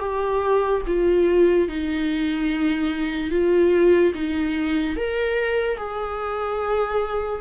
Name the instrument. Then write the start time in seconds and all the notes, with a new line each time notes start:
viola
0.00 G4
0.87 F4
1.68 D#4
3.31 F4
4.15 D#4
4.97 A#4
5.78 G#4